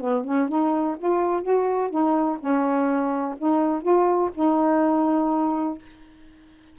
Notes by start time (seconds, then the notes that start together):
0.00 B3
0.24 C#4
0.48 D#4
0.98 F4
1.42 F#4
1.90 D#4
2.39 C#4
3.37 D#4
3.82 F4
4.34 D#4